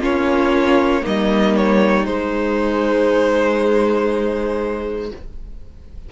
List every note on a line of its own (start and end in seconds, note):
0.00 1.02 A#3
0.00 1.02 C#4
0.00 1.03 F4
0.00 1.05 C#5
1.02 2.06 G3
1.02 2.04 A#3
1.02 5.10 D#4
1.02 1.56 D#5
1.56 2.06 C#5
2.05 5.10 G#3
2.05 5.11 G#3
2.05 5.11 C5